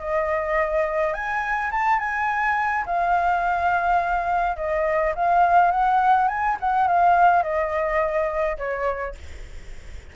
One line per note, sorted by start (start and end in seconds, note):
0.00 1.14 D#5
1.14 1.71 G#5
1.71 1.99 A5
1.99 2.85 G#5
2.86 4.57 F5
4.57 5.14 D#5
5.16 5.72 F5
5.72 6.29 F#5
6.29 6.57 G#5
6.60 6.88 F#5
6.88 7.43 F5
7.43 8.58 D#5
8.58 9.15 C#5